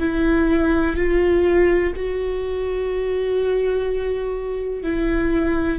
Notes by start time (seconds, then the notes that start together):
0.00 E4
0.96 F4
1.96 F#4
4.83 E4